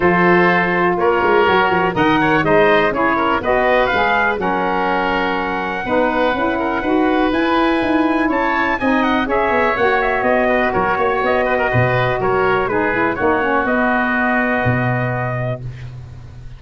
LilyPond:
<<
  \new Staff \with { instrumentName = "trumpet" } { \time 4/4 \tempo 4 = 123 c''2 cis''2 | fis''4 dis''4 cis''4 dis''4 | f''4 fis''2.~ | fis''2. gis''4~ |
gis''4 a''4 gis''8 fis''8 e''4 | fis''8 e''8 dis''4 cis''4 dis''4~ | dis''4 cis''4 b'4 cis''4 | dis''1 | }
  \new Staff \with { instrumentName = "oboe" } { \time 4/4 a'2 ais'2 | dis''8 cis''8 c''4 gis'8 ais'8 b'4~ | b'4 ais'2. | b'4. ais'8 b'2~ |
b'4 cis''4 dis''4 cis''4~ | cis''4. b'8 ais'8 cis''4 b'16 ais'16 | b'4 ais'4 gis'4 fis'4~ | fis'1 | }
  \new Staff \with { instrumentName = "saxophone" } { \time 4/4 f'2. fis'4 | ais'4 dis'4 e'4 fis'4 | gis'4 cis'2. | dis'4 e'4 fis'4 e'4~ |
e'2 dis'4 gis'4 | fis'1~ | fis'2 dis'8 e'8 dis'8 cis'8 | b1 | }
  \new Staff \with { instrumentName = "tuba" } { \time 4/4 f2 ais8 gis8 fis8 f8 | dis4 gis4 cis'4 b4 | gis4 fis2. | b4 cis'4 dis'4 e'4 |
dis'4 cis'4 c'4 cis'8 b8 | ais4 b4 fis8 ais8 b4 | b,4 fis4 gis4 ais4 | b2 b,2 | }
>>